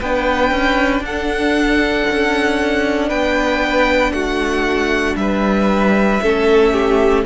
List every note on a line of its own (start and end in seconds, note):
0.00 0.51 B3
0.00 6.22 D4
0.00 1.03 B4
0.00 1.05 G5
0.51 1.01 C#4
1.01 2.05 D4
1.01 3.09 A4
1.01 3.10 F#5
2.10 3.12 C#4
3.09 4.12 B3
3.09 4.12 B4
3.09 4.13 G5
4.12 5.16 A3
4.12 5.18 F#4
4.12 5.16 F#5
5.16 6.20 G3
5.16 6.23 B4
5.16 7.23 E5
6.22 7.26 A3
6.22 7.26 C#4
6.22 6.73 A4
6.73 7.25 G4